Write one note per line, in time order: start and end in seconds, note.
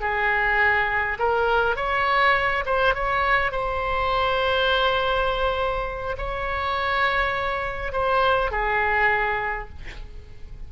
0.00 1.18 G#4
1.18 1.76 A#4
1.76 2.64 C#5
2.65 2.94 C5
2.94 3.51 C#5
3.51 6.16 C5
6.17 7.92 C#5
7.92 8.51 C5
8.51 9.69 G#4